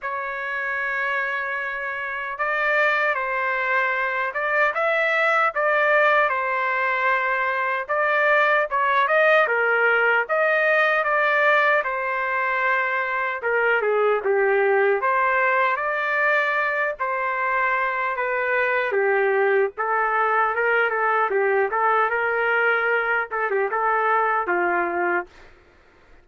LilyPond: \new Staff \with { instrumentName = "trumpet" } { \time 4/4 \tempo 4 = 76 cis''2. d''4 | c''4. d''8 e''4 d''4 | c''2 d''4 cis''8 dis''8 | ais'4 dis''4 d''4 c''4~ |
c''4 ais'8 gis'8 g'4 c''4 | d''4. c''4. b'4 | g'4 a'4 ais'8 a'8 g'8 a'8 | ais'4. a'16 g'16 a'4 f'4 | }